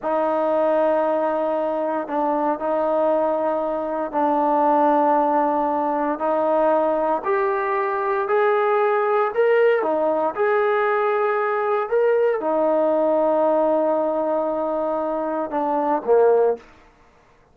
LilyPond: \new Staff \with { instrumentName = "trombone" } { \time 4/4 \tempo 4 = 116 dis'1 | d'4 dis'2. | d'1 | dis'2 g'2 |
gis'2 ais'4 dis'4 | gis'2. ais'4 | dis'1~ | dis'2 d'4 ais4 | }